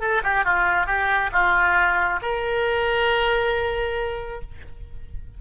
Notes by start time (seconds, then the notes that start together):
0.00 A4
0.23 G4
0.45 F4
0.86 G4
1.32 F4
2.22 A#4